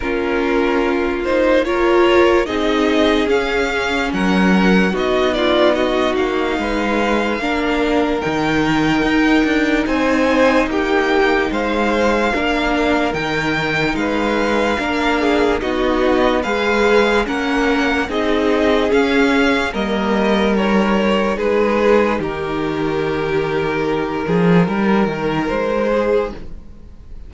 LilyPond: <<
  \new Staff \with { instrumentName = "violin" } { \time 4/4 \tempo 4 = 73 ais'4. c''8 cis''4 dis''4 | f''4 fis''4 dis''8 d''8 dis''8 f''8~ | f''2 g''2 | gis''4 g''4 f''2 |
g''4 f''2 dis''4 | f''4 fis''4 dis''4 f''4 | dis''4 cis''4 b'4 ais'4~ | ais'2. c''4 | }
  \new Staff \with { instrumentName = "violin" } { \time 4/4 f'2 ais'4 gis'4~ | gis'4 ais'4 fis'8 f'8 fis'4 | b'4 ais'2. | c''4 g'4 c''4 ais'4~ |
ais'4 b'4 ais'8 gis'8 fis'4 | b'4 ais'4 gis'2 | ais'2 gis'4 g'4~ | g'4. gis'8 ais'4. gis'8 | }
  \new Staff \with { instrumentName = "viola" } { \time 4/4 cis'4. dis'8 f'4 dis'4 | cis'2 dis'2~ | dis'4 d'4 dis'2~ | dis'2. d'4 |
dis'2 d'4 dis'4 | gis'4 cis'4 dis'4 cis'4 | ais4 dis'2.~ | dis'1 | }
  \new Staff \with { instrumentName = "cello" } { \time 4/4 ais2. c'4 | cis'4 fis4 b4. ais8 | gis4 ais4 dis4 dis'8 d'8 | c'4 ais4 gis4 ais4 |
dis4 gis4 ais4 b4 | gis4 ais4 c'4 cis'4 | g2 gis4 dis4~ | dis4. f8 g8 dis8 gis4 | }
>>